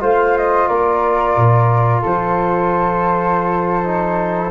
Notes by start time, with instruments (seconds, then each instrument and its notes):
0.00 tuba A3, trombone F4, flute C5 F5
0.38 flute D#5
0.68 tuba A#3, flute A#4 D5
1.37 tuba A#2
2.02 tuba F3, flute A4 C5
3.84 trombone D#4